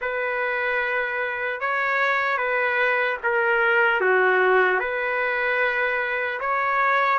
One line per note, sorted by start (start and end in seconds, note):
0.01 1.60 B4
1.60 2.37 C#5
2.37 3.17 B4
3.23 4.00 A#4
4.00 4.79 F#4
4.79 6.39 B4
6.40 7.19 C#5